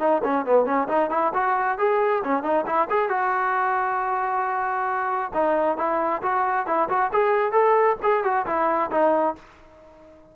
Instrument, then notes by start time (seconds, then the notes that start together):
trombone
0.00 D#4
0.24 C#4
0.46 B3
0.66 C#4
0.88 D#4
1.11 E4
1.34 F#4
1.79 G#4
2.24 C#4
2.43 D#4
2.67 E4
2.91 G#4
3.10 F#4
5.34 D#4
5.78 E4
6.23 F#4
6.67 E4
6.89 F#4
7.13 G#4
7.52 A4
8.03 G#4
8.24 F#4
8.46 E4
8.92 D#4